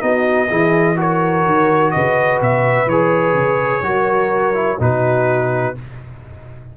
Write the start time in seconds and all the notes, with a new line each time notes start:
0.00 B3 D#4 F#4 D#5
0.48 E3 E4 G#4
0.96 F#4 A#4 C#5
1.46 D#3
1.91 C#3 B4 D#5
2.41 B2 E5
2.86 E3 G#4 C#5
3.34 C#3
3.83 F#3 F#4 A#4
4.54 E4
4.80 B2 D#4 F#4 B4